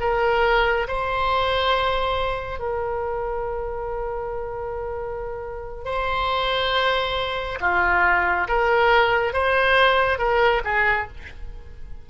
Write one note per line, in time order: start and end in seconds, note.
0.00 0.87 A#4
0.87 2.59 C5
2.59 5.85 A#4
5.85 7.58 C5
7.60 8.47 F4
8.48 9.33 A#4
9.33 10.18 C5
10.18 10.62 A#4
10.64 11.08 G#4